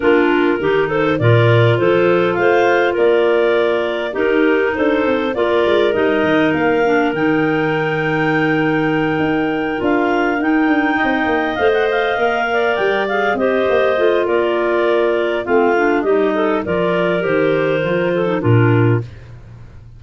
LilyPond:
<<
  \new Staff \with { instrumentName = "clarinet" } { \time 4/4 \tempo 4 = 101 ais'4. c''8 d''4 c''4 | f''4 d''2 ais'4 | c''4 d''4 dis''4 f''4 | g''1~ |
g''8 f''4 g''2 f''16 fis''16 | f''4. g''8 f''8 dis''4. | d''2 f''4 dis''4 | d''4 c''2 ais'4 | }
  \new Staff \with { instrumentName = "clarinet" } { \time 4/4 f'4 g'8 a'8 ais'4 a'4 | c''4 ais'2 g'4 | a'4 ais'2.~ | ais'1~ |
ais'2~ ais'8 dis''4.~ | dis''4 d''4. c''4. | ais'2 f'4 g'8 a'8 | ais'2~ ais'8 a'8 f'4 | }
  \new Staff \with { instrumentName = "clarinet" } { \time 4/4 d'4 dis'4 f'2~ | f'2. dis'4~ | dis'4 f'4 dis'4. d'8 | dis'1~ |
dis'8 f'4 dis'2 c''8~ | c''8 ais'4. gis'8 g'4 f'8~ | f'2 c'8 d'8 dis'4 | f'4 g'4 f'8. dis'16 d'4 | }
  \new Staff \with { instrumentName = "tuba" } { \time 4/4 ais4 dis4 ais,4 f4 | a4 ais2 dis'4 | d'8 c'8 ais8 gis8 g8 dis8 ais4 | dis2.~ dis8 dis'8~ |
dis'8 d'4 dis'8 d'8 c'8 ais8 a8~ | a8 ais4 g4 c'8 ais8 a8 | ais2 a4 g4 | f4 dis4 f4 ais,4 | }
>>